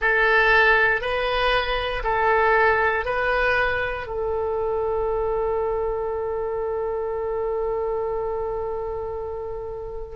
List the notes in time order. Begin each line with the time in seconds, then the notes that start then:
0.00 A4
1.01 B4
2.03 A4
3.05 B4
4.06 A4